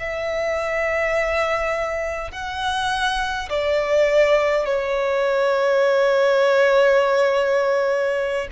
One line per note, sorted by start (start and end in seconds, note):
0.00 2.32 E5
2.32 3.49 F#5
3.50 4.66 D5
4.66 8.48 C#5